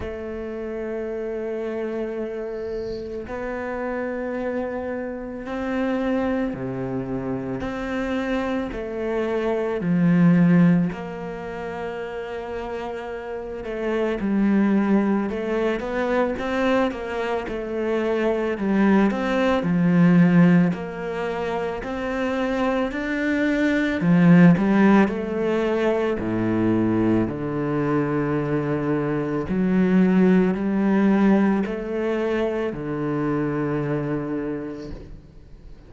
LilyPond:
\new Staff \with { instrumentName = "cello" } { \time 4/4 \tempo 4 = 55 a2. b4~ | b4 c'4 c4 c'4 | a4 f4 ais2~ | ais8 a8 g4 a8 b8 c'8 ais8 |
a4 g8 c'8 f4 ais4 | c'4 d'4 f8 g8 a4 | a,4 d2 fis4 | g4 a4 d2 | }